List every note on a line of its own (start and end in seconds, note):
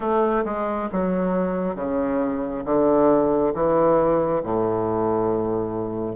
0.00 0.44 A3
0.45 0.89 G#3
0.92 1.75 F#3
1.75 2.63 C#3
2.64 3.53 D3
3.53 4.42 E3
4.43 6.16 A2